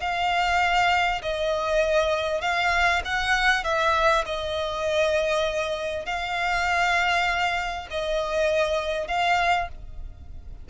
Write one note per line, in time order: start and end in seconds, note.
0.00 1.21 F5
1.22 2.41 D#5
2.41 3.02 F5
3.04 3.64 F#5
3.64 4.24 E5
4.25 6.05 D#5
6.05 7.87 F5
7.90 9.07 D#5
9.07 9.68 F5